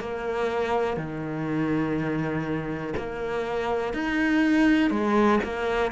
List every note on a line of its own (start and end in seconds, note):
0.00 0.97 A#3
0.97 2.93 D#3
2.96 3.93 A#3
3.93 4.90 D#4
4.90 5.39 G#3
5.43 5.92 A#3